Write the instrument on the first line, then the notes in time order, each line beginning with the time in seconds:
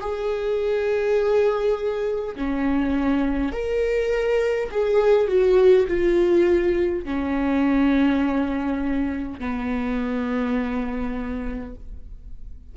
viola
0.00 G#4
2.36 C#4
3.52 A#4
4.71 G#4
5.28 F#4
5.87 F4
7.05 C#4
9.40 B3